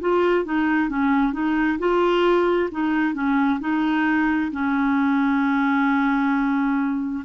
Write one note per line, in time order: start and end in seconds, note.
0.00 0.44 F4
0.44 0.89 D#4
0.89 1.33 C#4
1.33 1.78 D#4
1.79 2.69 F4
2.71 3.14 D#4
3.14 3.59 C#4
3.60 4.51 D#4
4.51 7.24 C#4